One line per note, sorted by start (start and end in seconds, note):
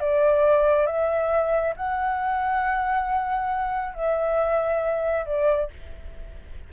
0.00 0.86 D5
0.86 1.74 E5
1.76 3.94 F#5
3.94 5.26 E5
5.26 5.70 D5